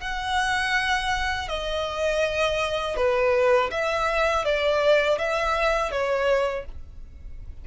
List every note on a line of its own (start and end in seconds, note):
0.00 1.48 F#5
1.48 2.96 D#5
2.96 3.70 B4
3.70 4.44 E5
4.44 5.18 D5
5.18 5.91 E5
5.91 6.65 C#5